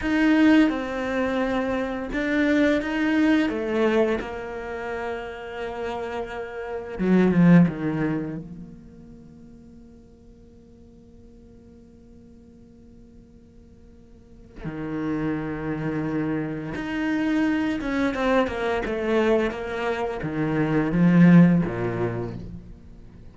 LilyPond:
\new Staff \with { instrumentName = "cello" } { \time 4/4 \tempo 4 = 86 dis'4 c'2 d'4 | dis'4 a4 ais2~ | ais2 fis8 f8 dis4 | ais1~ |
ais1~ | ais4 dis2. | dis'4. cis'8 c'8 ais8 a4 | ais4 dis4 f4 ais,4 | }